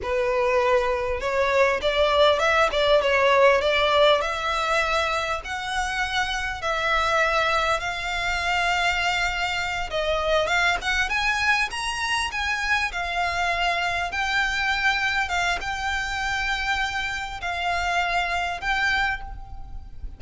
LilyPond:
\new Staff \with { instrumentName = "violin" } { \time 4/4 \tempo 4 = 100 b'2 cis''4 d''4 | e''8 d''8 cis''4 d''4 e''4~ | e''4 fis''2 e''4~ | e''4 f''2.~ |
f''8 dis''4 f''8 fis''8 gis''4 ais''8~ | ais''8 gis''4 f''2 g''8~ | g''4. f''8 g''2~ | g''4 f''2 g''4 | }